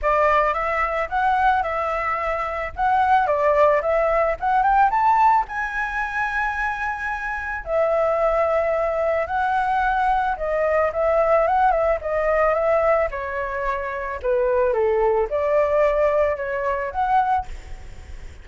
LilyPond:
\new Staff \with { instrumentName = "flute" } { \time 4/4 \tempo 4 = 110 d''4 e''4 fis''4 e''4~ | e''4 fis''4 d''4 e''4 | fis''8 g''8 a''4 gis''2~ | gis''2 e''2~ |
e''4 fis''2 dis''4 | e''4 fis''8 e''8 dis''4 e''4 | cis''2 b'4 a'4 | d''2 cis''4 fis''4 | }